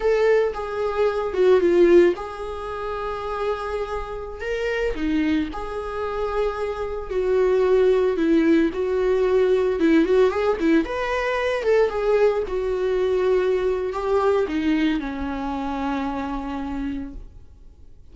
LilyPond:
\new Staff \with { instrumentName = "viola" } { \time 4/4 \tempo 4 = 112 a'4 gis'4. fis'8 f'4 | gis'1~ | gis'16 ais'4 dis'4 gis'4.~ gis'16~ | gis'4~ gis'16 fis'2 e'8.~ |
e'16 fis'2 e'8 fis'8 gis'8 e'16~ | e'16 b'4. a'8 gis'4 fis'8.~ | fis'2 g'4 dis'4 | cis'1 | }